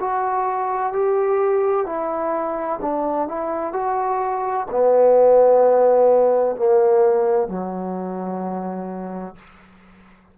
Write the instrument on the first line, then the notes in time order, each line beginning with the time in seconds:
trombone
0.00 F#4
0.92 G4
1.86 E4
2.81 D4
3.28 E4
3.72 F#4
4.71 B3
6.56 A#3
7.48 F#3